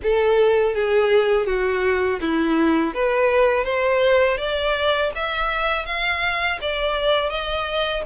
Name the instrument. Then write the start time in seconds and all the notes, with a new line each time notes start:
violin
0.02 A4
0.75 G#4
1.46 F#4
2.21 E4
2.94 B4
3.64 C5
4.37 D5
5.15 E5
5.85 F5
6.61 D5
7.29 D#5